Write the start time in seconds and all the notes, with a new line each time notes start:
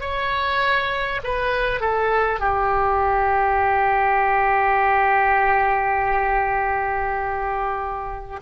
0.00 C#5
1.23 B4
1.80 A4
2.39 G4